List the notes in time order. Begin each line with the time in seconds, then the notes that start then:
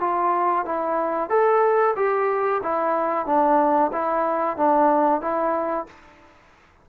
0.00 F4
0.65 E4
1.30 A4
1.96 G4
2.63 E4
3.26 D4
3.92 E4
4.57 D4
5.21 E4